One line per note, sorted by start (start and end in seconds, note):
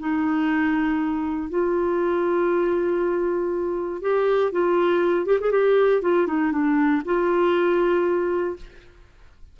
0.00 1.50 D#4
1.50 4.02 F4
4.02 4.52 G4
4.52 5.26 F4
5.26 5.39 G4
5.41 5.52 G#4
5.52 6.02 G4
6.02 6.28 F4
6.28 6.52 D#4
6.52 7.03 D4
7.05 8.56 F4